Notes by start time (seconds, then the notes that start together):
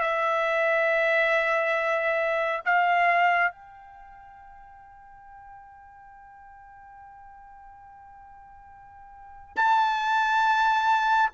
0.00 E5
2.65 F5
3.51 G5
9.56 A5